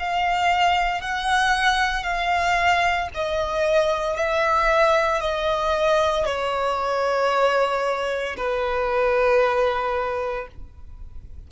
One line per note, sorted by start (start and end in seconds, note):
0.00 1.01 F5
1.01 2.04 F#5
2.04 3.09 F5
3.14 4.17 D#5
4.17 5.21 E5
5.21 6.26 D#5
6.26 8.36 C#5
8.37 10.48 B4